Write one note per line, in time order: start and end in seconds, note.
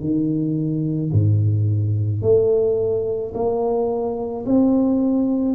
0.00 1.11 D#3
1.12 2.22 G#2
2.22 3.33 A3
3.34 4.45 A#3
4.45 5.55 C4